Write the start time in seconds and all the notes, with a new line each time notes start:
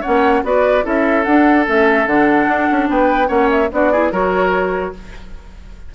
0.00 C#4 C#5 F#5
0.07 A#3
0.43 B3 F#4 B4 D5
0.82 C#4 E4 A4 E5
1.23 D4 F#5
1.65 A3 C#4 E5
2.06 D3 D4 F#5
2.48 D4
2.71 C#4
2.89 B3 B4 G5
3.26 A#3 C#4 C#5 F#5
3.50 E5
3.71 B3 D4 F#4 D5
3.91 E4 G#4
4.11 F#3 F#4 A#4 C#5